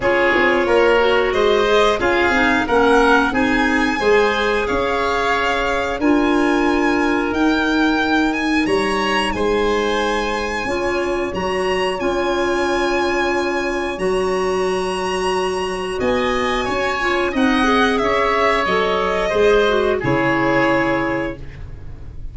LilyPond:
<<
  \new Staff \with { instrumentName = "violin" } { \time 4/4 \tempo 4 = 90 cis''2 dis''4 f''4 | fis''4 gis''2 f''4~ | f''4 gis''2 g''4~ | g''8 gis''8 ais''4 gis''2~ |
gis''4 ais''4 gis''2~ | gis''4 ais''2. | gis''2 fis''4 e''4 | dis''2 cis''2 | }
  \new Staff \with { instrumentName = "oboe" } { \time 4/4 gis'4 ais'4 c''4 gis'4 | ais'4 gis'4 c''4 cis''4~ | cis''4 ais'2.~ | ais'4 cis''4 c''2 |
cis''1~ | cis''1 | dis''4 cis''4 dis''4 cis''4~ | cis''4 c''4 gis'2 | }
  \new Staff \with { instrumentName = "clarinet" } { \time 4/4 f'4. fis'4 gis'8 f'8 dis'8 | cis'4 dis'4 gis'2~ | gis'4 f'2 dis'4~ | dis'1 |
f'4 fis'4 f'2~ | f'4 fis'2.~ | fis'4. f'8 dis'8 gis'4. | a'4 gis'8 fis'8 e'2 | }
  \new Staff \with { instrumentName = "tuba" } { \time 4/4 cis'8 c'8 ais4 gis4 cis'8 c'8 | ais4 c'4 gis4 cis'4~ | cis'4 d'2 dis'4~ | dis'4 g4 gis2 |
cis'4 fis4 cis'2~ | cis'4 fis2. | b4 cis'4 c'4 cis'4 | fis4 gis4 cis2 | }
>>